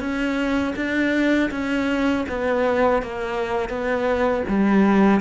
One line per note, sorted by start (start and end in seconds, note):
0.00 0.74 C#4
0.76 1.50 D4
1.51 2.25 C#4
2.29 3.02 B3
3.02 3.69 A#3
3.69 4.43 B3
4.48 5.21 G3